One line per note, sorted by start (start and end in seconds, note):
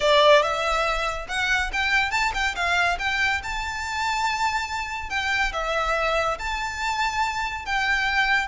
0.00 0.42 D5
0.42 1.27 E5
1.28 1.71 F#5
1.72 2.10 G5
2.10 2.32 A5
2.33 2.55 G5
2.55 2.98 F5
2.99 3.41 G5
3.43 5.09 A5
5.09 5.52 G5
5.52 6.37 E5
6.38 7.65 A5
7.65 8.47 G5